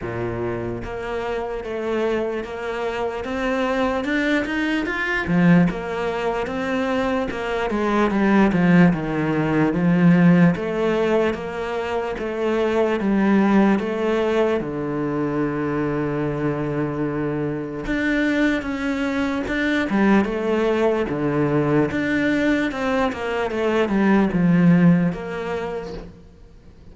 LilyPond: \new Staff \with { instrumentName = "cello" } { \time 4/4 \tempo 4 = 74 ais,4 ais4 a4 ais4 | c'4 d'8 dis'8 f'8 f8 ais4 | c'4 ais8 gis8 g8 f8 dis4 | f4 a4 ais4 a4 |
g4 a4 d2~ | d2 d'4 cis'4 | d'8 g8 a4 d4 d'4 | c'8 ais8 a8 g8 f4 ais4 | }